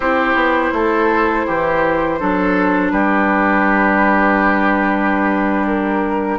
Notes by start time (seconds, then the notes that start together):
0.00 C4 E4 G4 C5
0.34 B3
0.72 A3 A4
1.46 E3 G4
2.19 F#3 D4 A4
2.90 G3 G4 B4
5.66 A#4